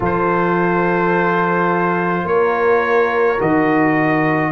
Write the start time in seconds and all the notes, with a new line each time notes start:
0.00 F3 F4 A4 C5
2.24 A#3 A#4 C#5
3.39 D#3 F#4 D#5